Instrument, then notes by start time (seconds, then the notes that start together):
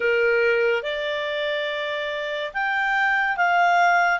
clarinet
0.00 A#4
0.83 D5
2.54 G5
3.36 F5